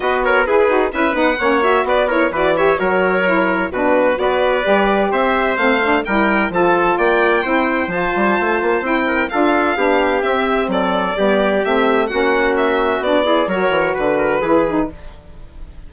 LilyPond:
<<
  \new Staff \with { instrumentName = "violin" } { \time 4/4 \tempo 4 = 129 dis''8 cis''8 b'4 e''8 fis''4 e''8 | d''8 cis''8 d''8 e''8 cis''2 | b'4 d''2 e''4 | f''4 g''4 a''4 g''4~ |
g''4 a''2 g''4 | f''2 e''4 d''4~ | d''4 e''4 fis''4 e''4 | d''4 cis''4 b'2 | }
  \new Staff \with { instrumentName = "trumpet" } { \time 4/4 b'8 ais'8 gis'4 b'4 cis''4 | b'8 ais'8 b'8 cis''8 ais'2 | fis'4 b'2 c''4~ | c''4 ais'4 a'4 d''4 |
c''2.~ c''8 ais'8 | a'4 g'2 a'4 | g'2 fis'2~ | fis'8 gis'8 ais'4 b'8 ais'8 gis'4 | }
  \new Staff \with { instrumentName = "saxophone" } { \time 4/4 fis'4 gis'8 fis'8 e'8 dis'8 cis'8 fis'8~ | fis'8 e'8 fis'8 g'8 fis'4 e'4 | d'4 fis'4 g'2 | c'8 d'8 e'4 f'2 |
e'4 f'2 e'4 | f'4 d'4 c'2 | b4 c'4 cis'2 | d'8 e'8 fis'2 e'8 dis'8 | }
  \new Staff \with { instrumentName = "bassoon" } { \time 4/4 b4 e'8 dis'8 cis'8 b8 ais4 | b4 e4 fis2 | b,4 b4 g4 c'4 | a4 g4 f4 ais4 |
c'4 f8 g8 a8 ais8 c'4 | d'4 b4 c'4 fis4 | g4 a4 ais2 | b4 fis8 e8 d4 e4 | }
>>